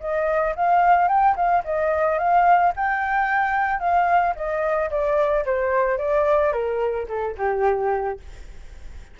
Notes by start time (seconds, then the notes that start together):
0.00 D#5
0.56 F5
1.08 G5
1.36 F5
1.64 D#5
2.18 F5
2.76 G5
3.80 F5
4.36 D#5
4.90 D5
5.45 C5
5.98 D5
6.53 A#4
7.08 A4
7.38 G4